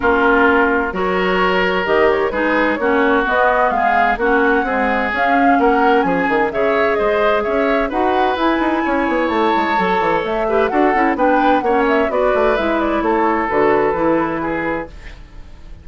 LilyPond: <<
  \new Staff \with { instrumentName = "flute" } { \time 4/4 \tempo 4 = 129 ais'2 cis''2 | dis''8 cis''8 b'4 cis''4 dis''4 | f''4 fis''2 f''4 | fis''4 gis''4 e''4 dis''4 |
e''4 fis''4 gis''2 | a''2 e''4 fis''4 | g''4 fis''8 e''8 d''4 e''8 d''8 | cis''4 b'2. | }
  \new Staff \with { instrumentName = "oboe" } { \time 4/4 f'2 ais'2~ | ais'4 gis'4 fis'2 | gis'4 fis'4 gis'2 | ais'4 gis'4 cis''4 c''4 |
cis''4 b'2 cis''4~ | cis''2~ cis''8 b'8 a'4 | b'4 cis''4 b'2 | a'2. gis'4 | }
  \new Staff \with { instrumentName = "clarinet" } { \time 4/4 cis'2 fis'2 | g'4 dis'4 cis'4 b4~ | b4 cis'4 gis4 cis'4~ | cis'2 gis'2~ |
gis'4 fis'4 e'2~ | e'4 a'4. g'8 fis'8 e'8 | d'4 cis'4 fis'4 e'4~ | e'4 fis'4 e'2 | }
  \new Staff \with { instrumentName = "bassoon" } { \time 4/4 ais2 fis2 | dis4 gis4 ais4 b4 | gis4 ais4 c'4 cis'4 | ais4 f8 dis8 cis4 gis4 |
cis'4 dis'4 e'8 dis'8 cis'8 b8 | a8 gis8 fis8 e8 a4 d'8 cis'8 | b4 ais4 b8 a8 gis4 | a4 d4 e2 | }
>>